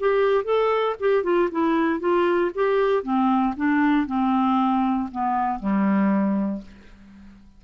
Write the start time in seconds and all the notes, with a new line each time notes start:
0.00 G4
0.45 A4
1.00 G4
1.24 F4
1.52 E4
2.00 F4
2.55 G4
3.03 C4
3.57 D4
4.07 C4
5.12 B3
5.60 G3